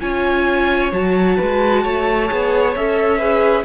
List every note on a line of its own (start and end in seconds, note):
0.00 0.91 C#4
0.00 0.91 F4
0.00 1.37 C#5
0.00 0.91 G#5
0.91 1.37 F#3
0.91 2.28 F#4
0.91 2.74 A5
1.37 1.85 G#3
1.37 1.82 B4
1.83 2.30 A3
1.83 3.18 C#5
2.28 2.76 B3
2.28 2.73 G#4
2.76 3.64 C#4
2.76 3.19 A4
2.76 3.64 E5
3.18 3.64 G#4
3.18 3.63 B4